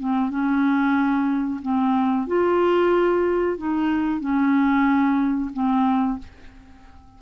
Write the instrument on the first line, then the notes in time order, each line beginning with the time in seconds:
clarinet
0.00 C4
0.30 C#4
1.62 C4
2.27 F4
3.58 D#4
4.20 C#4
5.53 C4